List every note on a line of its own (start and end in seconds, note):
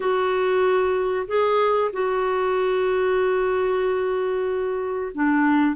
0.00 1.26 F#4
1.27 1.91 G#4
1.92 5.12 F#4
5.14 5.75 D4